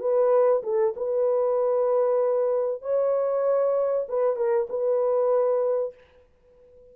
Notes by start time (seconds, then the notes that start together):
0.00 B4
0.63 A4
0.97 B4
2.82 C#5
4.09 B4
4.37 A#4
4.70 B4